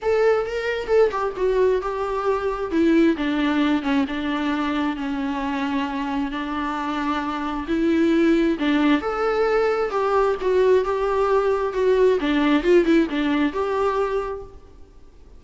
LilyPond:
\new Staff \with { instrumentName = "viola" } { \time 4/4 \tempo 4 = 133 a'4 ais'4 a'8 g'8 fis'4 | g'2 e'4 d'4~ | d'8 cis'8 d'2 cis'4~ | cis'2 d'2~ |
d'4 e'2 d'4 | a'2 g'4 fis'4 | g'2 fis'4 d'4 | f'8 e'8 d'4 g'2 | }